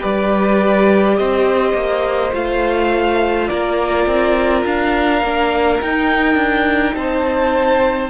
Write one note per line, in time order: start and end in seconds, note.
0.00 1.19 G3
0.00 2.31 G4
0.00 1.15 B4
0.00 1.17 D5
1.17 1.73 C4
1.17 3.49 C5
1.17 2.33 D#5
1.73 2.31 A#3
2.32 3.49 A3
2.32 5.21 F4
2.32 3.48 F5
3.48 4.06 A#3
3.48 6.95 A#4
3.48 4.63 D5
4.06 4.64 C4
4.65 5.22 D4
4.65 5.81 F5
5.22 5.80 A#3
5.22 5.81 D4
5.81 6.35 D#4
5.81 8.10 D#4
5.81 6.95 G5
6.35 6.92 D4
6.94 8.09 C4
6.94 8.10 C5
6.94 8.10 A5